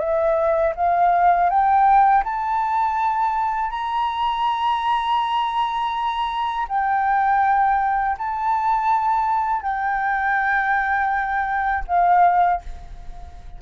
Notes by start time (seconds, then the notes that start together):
0.00 E5
0.76 F5
1.50 G5
2.24 A5
3.71 A#5
6.69 G5
8.19 A5
9.63 G5
11.88 F5